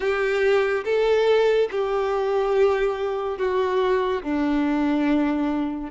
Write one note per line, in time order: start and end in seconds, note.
0.00 0.83 G4
0.84 1.68 A4
1.71 3.38 G4
3.38 4.22 F#4
4.23 5.90 D4